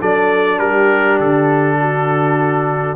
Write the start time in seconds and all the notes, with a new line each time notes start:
0.00 F#3 D4 A4 D5
0.59 G3 G4 A#4
1.19 D3 A4
1.80 F#4